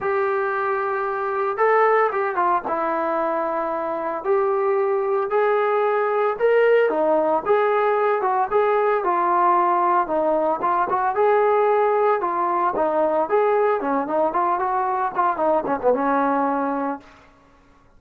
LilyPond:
\new Staff \with { instrumentName = "trombone" } { \time 4/4 \tempo 4 = 113 g'2. a'4 | g'8 f'8 e'2. | g'2 gis'2 | ais'4 dis'4 gis'4. fis'8 |
gis'4 f'2 dis'4 | f'8 fis'8 gis'2 f'4 | dis'4 gis'4 cis'8 dis'8 f'8 fis'8~ | fis'8 f'8 dis'8 cis'16 b16 cis'2 | }